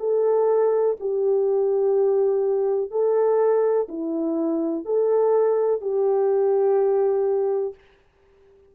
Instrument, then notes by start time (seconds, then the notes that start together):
horn
0.00 A4
1.00 G4
2.91 A4
3.89 E4
4.86 A4
5.82 G4